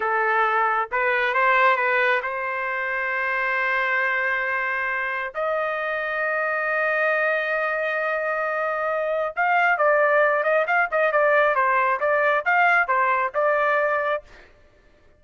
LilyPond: \new Staff \with { instrumentName = "trumpet" } { \time 4/4 \tempo 4 = 135 a'2 b'4 c''4 | b'4 c''2.~ | c''1 | dis''1~ |
dis''1~ | dis''4 f''4 d''4. dis''8 | f''8 dis''8 d''4 c''4 d''4 | f''4 c''4 d''2 | }